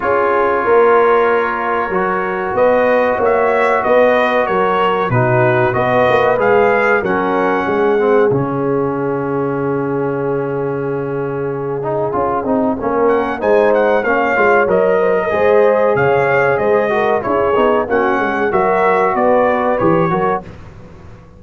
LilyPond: <<
  \new Staff \with { instrumentName = "trumpet" } { \time 4/4 \tempo 4 = 94 cis''1 | dis''4 e''4 dis''4 cis''4 | b'4 dis''4 f''4 fis''4~ | fis''4 f''2.~ |
f''1~ | f''8 fis''8 gis''8 fis''8 f''4 dis''4~ | dis''4 f''4 dis''4 cis''4 | fis''4 e''4 d''4 cis''4 | }
  \new Staff \with { instrumentName = "horn" } { \time 4/4 gis'4 ais'2. | b'4 cis''4 b'4 ais'4 | fis'4 b'2 ais'4 | gis'1~ |
gis'1 | ais'4 c''4 cis''4. c''16 ais'16 | c''4 cis''4 c''8 ais'8 gis'4 | fis'8 gis'8 ais'4 b'4. ais'8 | }
  \new Staff \with { instrumentName = "trombone" } { \time 4/4 f'2. fis'4~ | fis'1 | dis'4 fis'4 gis'4 cis'4~ | cis'8 c'8 cis'2.~ |
cis'2~ cis'8 dis'8 f'8 dis'8 | cis'4 dis'4 cis'8 f'8 ais'4 | gis'2~ gis'8 fis'8 e'8 dis'8 | cis'4 fis'2 g'8 fis'8 | }
  \new Staff \with { instrumentName = "tuba" } { \time 4/4 cis'4 ais2 fis4 | b4 ais4 b4 fis4 | b,4 b8 ais8 gis4 fis4 | gis4 cis2.~ |
cis2. cis'8 c'8 | ais4 gis4 ais8 gis8 fis4 | gis4 cis4 gis4 cis'8 b8 | ais8 gis8 fis4 b4 e8 fis8 | }
>>